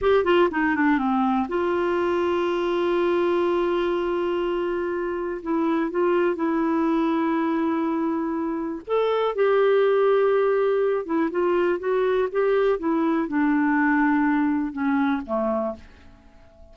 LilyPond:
\new Staff \with { instrumentName = "clarinet" } { \time 4/4 \tempo 4 = 122 g'8 f'8 dis'8 d'8 c'4 f'4~ | f'1~ | f'2. e'4 | f'4 e'2.~ |
e'2 a'4 g'4~ | g'2~ g'8 e'8 f'4 | fis'4 g'4 e'4 d'4~ | d'2 cis'4 a4 | }